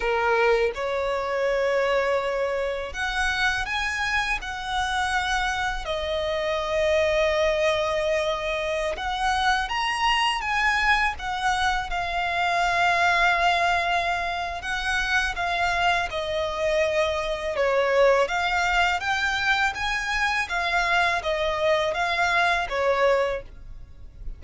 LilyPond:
\new Staff \with { instrumentName = "violin" } { \time 4/4 \tempo 4 = 82 ais'4 cis''2. | fis''4 gis''4 fis''2 | dis''1~ | dis''16 fis''4 ais''4 gis''4 fis''8.~ |
fis''16 f''2.~ f''8. | fis''4 f''4 dis''2 | cis''4 f''4 g''4 gis''4 | f''4 dis''4 f''4 cis''4 | }